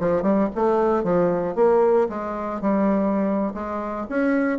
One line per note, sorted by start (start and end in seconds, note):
0.00 0.23 F3
0.23 0.49 G3
0.56 1.04 A3
1.04 1.56 F3
1.56 2.08 A#3
2.10 2.62 G#3
2.62 3.54 G3
3.55 4.07 G#3
4.10 4.59 C#4